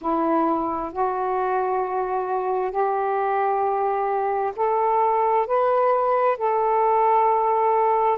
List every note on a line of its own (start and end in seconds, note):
0.01 0.92 E4
0.92 2.71 F#4
2.71 4.52 G4
4.55 5.46 A4
5.46 6.37 B4
6.37 8.18 A4